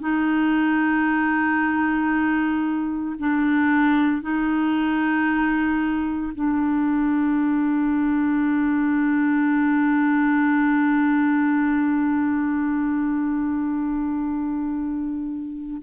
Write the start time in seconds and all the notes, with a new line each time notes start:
0.00 D#4
3.19 D4
4.22 D#4
6.35 D4